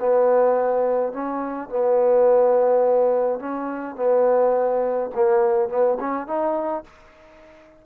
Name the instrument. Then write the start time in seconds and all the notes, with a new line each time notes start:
trombone
0.00 B3
1.13 C#4
1.70 B3
3.39 C#4
3.96 B3
5.15 A#3
5.69 B3
6.00 C#4
6.27 D#4